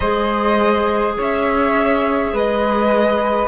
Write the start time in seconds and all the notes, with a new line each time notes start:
0.00 G#3 G#4 C5 D#5
1.17 C#4 C#5 E5
2.31 G#3 B4 D#5